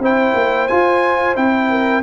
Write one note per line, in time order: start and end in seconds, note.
0.00 0.34 C4
0.00 0.70 E4
0.00 1.70 C5
0.00 0.68 G5
0.35 0.69 A#3
0.68 1.36 F4
0.68 1.37 F4
0.68 1.36 G#5
1.36 2.03 C4
1.36 2.03 E4
1.36 2.03 G5
1.70 2.03 A#4